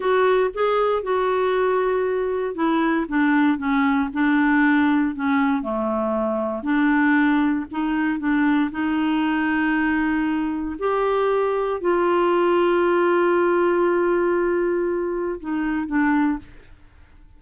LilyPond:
\new Staff \with { instrumentName = "clarinet" } { \time 4/4 \tempo 4 = 117 fis'4 gis'4 fis'2~ | fis'4 e'4 d'4 cis'4 | d'2 cis'4 a4~ | a4 d'2 dis'4 |
d'4 dis'2.~ | dis'4 g'2 f'4~ | f'1~ | f'2 dis'4 d'4 | }